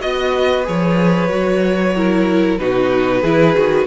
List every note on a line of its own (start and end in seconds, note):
0.00 0.67 B3
0.00 0.64 F#4
0.00 0.65 D#5
0.00 0.33 D#5
0.35 1.96 B4
0.64 1.30 F3
0.64 1.28 G#4
0.64 2.57 C#5
1.28 2.59 F#3
1.28 1.93 F#4
1.95 2.58 E4
1.95 2.60 A#4
2.57 3.22 B2
2.57 3.23 D#4
2.57 3.21 F#4
2.57 3.86 B4
3.21 3.54 E3
3.21 3.55 E4
3.21 3.85 G#4
3.56 3.86 D#3
3.56 3.86 F#4